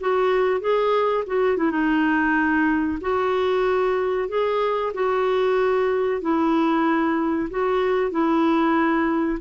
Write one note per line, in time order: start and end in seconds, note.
0.00 0.60 F#4
0.60 1.24 G#4
1.27 1.57 F#4
1.57 1.71 E4
1.71 2.99 D#4
3.01 4.29 F#4
4.29 4.92 G#4
4.94 6.21 F#4
6.21 7.49 E4
7.50 8.11 F#4
8.11 9.39 E4